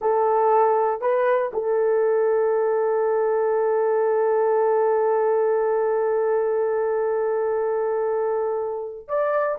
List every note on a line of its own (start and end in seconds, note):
0.01 1.01 A4
1.01 1.51 B4
1.53 9.08 A4
9.08 9.58 D5